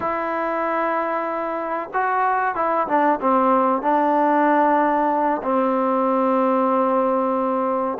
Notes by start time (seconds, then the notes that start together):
0.00 E4
1.93 F#4
2.55 E4
2.87 D4
3.20 C4
3.82 D4
5.42 C4